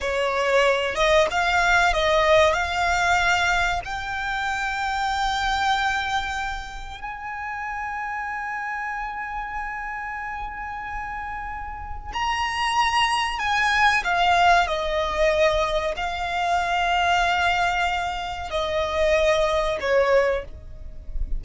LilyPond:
\new Staff \with { instrumentName = "violin" } { \time 4/4 \tempo 4 = 94 cis''4. dis''8 f''4 dis''4 | f''2 g''2~ | g''2. gis''4~ | gis''1~ |
gis''2. ais''4~ | ais''4 gis''4 f''4 dis''4~ | dis''4 f''2.~ | f''4 dis''2 cis''4 | }